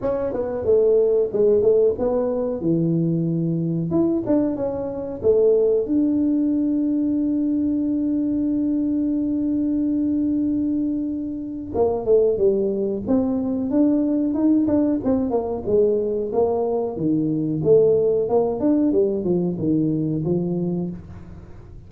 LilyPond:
\new Staff \with { instrumentName = "tuba" } { \time 4/4 \tempo 4 = 92 cis'8 b8 a4 gis8 a8 b4 | e2 e'8 d'8 cis'4 | a4 d'2.~ | d'1~ |
d'2 ais8 a8 g4 | c'4 d'4 dis'8 d'8 c'8 ais8 | gis4 ais4 dis4 a4 | ais8 d'8 g8 f8 dis4 f4 | }